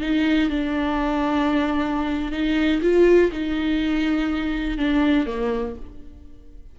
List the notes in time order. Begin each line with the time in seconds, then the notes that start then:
0.00 D#4
0.49 D4
2.31 D#4
2.81 F4
3.31 D#4
4.77 D4
5.26 A#3